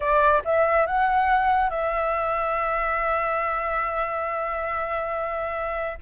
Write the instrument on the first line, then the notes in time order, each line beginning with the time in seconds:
flute
0.00 D5
0.44 E5
0.86 F#5
1.69 E5